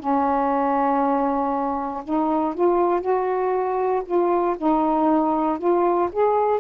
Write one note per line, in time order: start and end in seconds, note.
0.00 2.03 C#4
2.04 2.55 D#4
2.55 3.01 F4
3.01 4.03 F#4
4.05 4.56 F4
4.58 5.58 D#4
5.58 6.09 F4
6.12 6.61 G#4